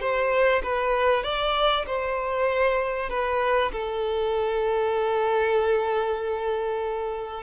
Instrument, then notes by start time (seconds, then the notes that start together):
violin
0.00 C5
0.63 B4
1.23 D5
1.86 C5
3.09 B4
3.72 A4